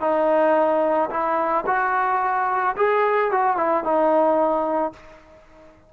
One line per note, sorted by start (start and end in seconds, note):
0.00 1.09 D#4
1.10 1.64 E4
1.66 2.75 F#4
2.76 3.31 G#4
3.31 3.57 F#4
3.57 3.84 E4
3.84 4.93 D#4